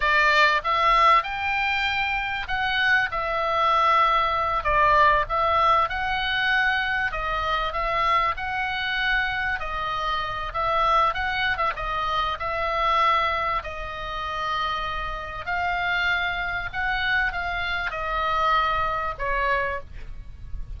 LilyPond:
\new Staff \with { instrumentName = "oboe" } { \time 4/4 \tempo 4 = 97 d''4 e''4 g''2 | fis''4 e''2~ e''8 d''8~ | d''8 e''4 fis''2 dis''8~ | dis''8 e''4 fis''2 dis''8~ |
dis''4 e''4 fis''8. e''16 dis''4 | e''2 dis''2~ | dis''4 f''2 fis''4 | f''4 dis''2 cis''4 | }